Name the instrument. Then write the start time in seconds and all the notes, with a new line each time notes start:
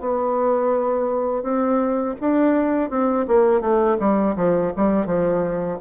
bassoon
0.00 B3
1.43 C4
2.21 D4
2.90 C4
3.28 A#3
3.61 A3
4.00 G3
4.36 F3
4.76 G3
5.06 F3